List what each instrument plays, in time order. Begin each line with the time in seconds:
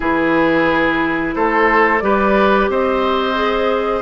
0.00 bassoon E3, clarinet E4, oboe G#4, flute B4
1.34 bassoon A3, oboe A4, flute C5
1.99 bassoon G3, clarinet G4, oboe B4, flute D5
2.68 bassoon C4, oboe C5, flute D#5
3.34 clarinet G#4